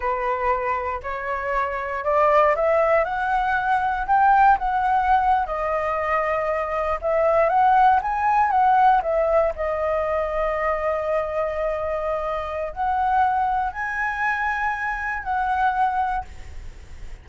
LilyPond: \new Staff \with { instrumentName = "flute" } { \time 4/4 \tempo 4 = 118 b'2 cis''2 | d''4 e''4 fis''2 | g''4 fis''4.~ fis''16 dis''4~ dis''16~ | dis''4.~ dis''16 e''4 fis''4 gis''16~ |
gis''8. fis''4 e''4 dis''4~ dis''16~ | dis''1~ | dis''4 fis''2 gis''4~ | gis''2 fis''2 | }